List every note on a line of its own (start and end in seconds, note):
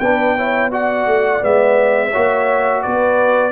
0.00 1.07 B3
0.00 0.38 D4
0.00 0.36 B4
0.00 0.71 G5
0.36 0.71 E4
0.36 0.71 C#5
0.71 1.41 F#4
0.71 2.11 D5
0.71 1.44 F#5
1.07 1.42 A3
1.41 2.13 G#3
1.41 2.11 B3
1.41 2.83 E5
2.11 2.86 A#3
2.11 3.52 F#4
2.11 2.82 C#5
2.83 3.52 B3
2.83 3.52 B4
2.83 3.52 D5